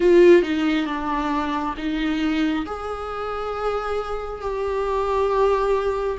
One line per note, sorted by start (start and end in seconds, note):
0.00 0.42 F4
0.42 0.86 D#4
0.86 1.74 D4
1.77 2.65 D#4
2.66 4.41 G#4
4.41 6.17 G4